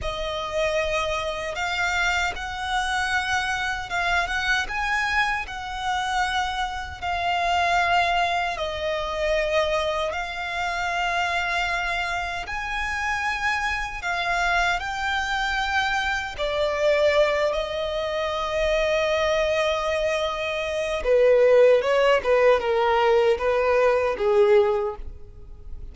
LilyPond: \new Staff \with { instrumentName = "violin" } { \time 4/4 \tempo 4 = 77 dis''2 f''4 fis''4~ | fis''4 f''8 fis''8 gis''4 fis''4~ | fis''4 f''2 dis''4~ | dis''4 f''2. |
gis''2 f''4 g''4~ | g''4 d''4. dis''4.~ | dis''2. b'4 | cis''8 b'8 ais'4 b'4 gis'4 | }